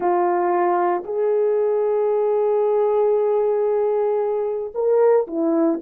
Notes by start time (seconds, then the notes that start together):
0.00 F4
1.04 G#4
4.74 A#4
5.27 E4